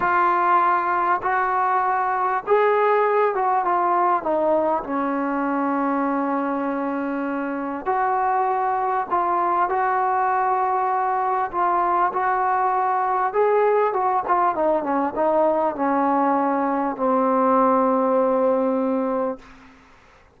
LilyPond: \new Staff \with { instrumentName = "trombone" } { \time 4/4 \tempo 4 = 99 f'2 fis'2 | gis'4. fis'8 f'4 dis'4 | cis'1~ | cis'4 fis'2 f'4 |
fis'2. f'4 | fis'2 gis'4 fis'8 f'8 | dis'8 cis'8 dis'4 cis'2 | c'1 | }